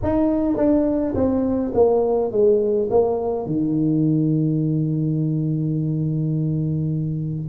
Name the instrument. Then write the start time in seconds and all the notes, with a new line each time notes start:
tuba
0.03 D#4
0.56 D4
1.14 C4
1.74 A#3
2.31 G#3
2.90 A#3
3.46 D#3